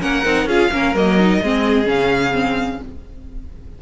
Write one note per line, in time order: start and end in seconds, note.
0.00 0.24 A#3
0.00 0.23 C#4
0.00 0.47 A#4
0.00 0.48 F#5
0.25 0.46 C4
0.25 0.49 D#4
0.46 0.69 C#4
0.46 0.72 F4
0.46 0.71 G#4
0.46 0.95 F5
0.71 0.94 A#3
0.71 0.95 C#4
0.71 1.42 A#4
0.94 1.41 F#3
0.94 1.19 A#3
0.94 1.88 D#5
1.19 1.42 D#4
1.42 1.86 G#3
1.42 1.84 C4
1.42 2.82 G#4
1.84 2.79 C#3
1.84 2.31 C#4
1.84 2.81 F5
2.32 2.79 C4